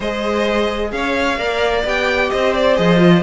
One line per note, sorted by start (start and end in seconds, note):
0.00 0.92 G#3
0.00 1.38 G#4
0.00 0.91 C5
0.00 0.91 D#5
0.91 1.37 C#4
0.91 1.38 C#5
0.91 1.83 F5
1.37 1.83 A#3
1.37 1.84 A#4
1.37 2.30 D5
1.84 2.30 B3
1.84 2.75 G4
1.84 2.30 G5
2.30 2.78 C4
2.30 3.22 C5
2.30 2.53 D#5
2.54 2.76 D5
2.75 3.22 F3
2.75 2.97 G#4
2.75 3.22 D#5
2.97 3.20 F4